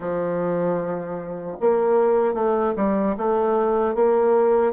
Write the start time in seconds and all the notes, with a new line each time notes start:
0.00 F3
1.60 A#3
2.34 A3
2.76 G3
3.17 A3
3.95 A#3